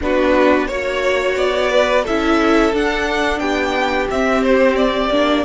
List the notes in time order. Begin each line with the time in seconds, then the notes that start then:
0.01 B3 D4 F#4 B4
0.67 A#3 F#4 C#5
1.36 B3 D5
1.70 B4
2.03 C#4 E4 A4 E5
2.72 D4 F#5
3.39 B3 G4 G5
4.10 C4 E5
4.42 C5
4.76 D5
5.09 A#3 D4